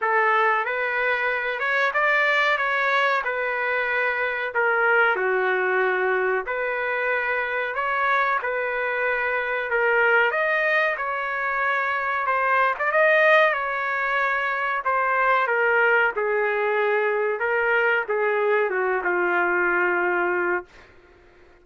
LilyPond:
\new Staff \with { instrumentName = "trumpet" } { \time 4/4 \tempo 4 = 93 a'4 b'4. cis''8 d''4 | cis''4 b'2 ais'4 | fis'2 b'2 | cis''4 b'2 ais'4 |
dis''4 cis''2 c''8. d''16 | dis''4 cis''2 c''4 | ais'4 gis'2 ais'4 | gis'4 fis'8 f'2~ f'8 | }